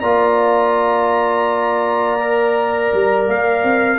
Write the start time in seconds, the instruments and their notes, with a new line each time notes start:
0.00 tuba A#3, trombone F4, horn D5, trumpet A#5
2.19 trombone A#4
2.93 tuba G3
3.27 tuba A#3, trumpet F5
3.63 tuba C4